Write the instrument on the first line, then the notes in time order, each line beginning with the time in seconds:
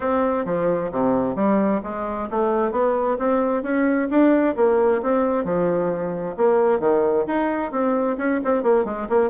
bassoon
0.00 C4
0.45 F3
0.91 C3
1.35 G3
1.83 G#3
2.30 A3
2.71 B3
3.18 C4
3.62 C#4
4.10 D4
4.56 A#3
5.02 C4
5.44 F3
6.36 A#3
6.79 D#3
7.26 D#4
7.71 C4
8.17 C#4
8.44 C4
8.62 A#3
8.85 G#3
9.09 A#3